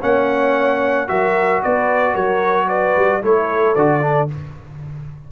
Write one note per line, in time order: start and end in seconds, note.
0.00 1.10 A#3
0.00 1.07 C#4
0.00 1.07 C#5
0.00 1.08 F#5
1.07 1.64 F#3
1.07 3.22 F#4
1.07 1.63 A#4
1.07 1.62 E5
1.63 2.15 B3
1.63 2.13 B4
1.63 2.15 D5
2.13 2.96 F#3
2.13 2.67 A#4
2.13 2.69 C#5
2.68 3.21 B4
2.68 3.23 D5
2.97 3.23 G3
3.22 3.76 A3
3.22 3.75 E4
3.22 4.32 A4
3.22 3.75 C#5
3.75 4.29 D3
3.75 4.01 F#4
3.75 4.29 D5
4.01 4.28 D4